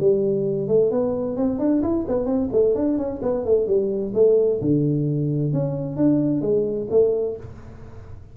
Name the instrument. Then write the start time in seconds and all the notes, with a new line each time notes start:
tuba
0.00 G3
0.68 A3
0.91 B3
1.37 C4
1.59 D4
1.83 E4
2.08 B3
2.26 C4
2.52 A3
2.75 D4
2.98 C#4
3.22 B3
3.45 A3
3.67 G3
4.15 A3
4.62 D3
5.53 C#4
5.97 D4
6.42 G#3
6.91 A3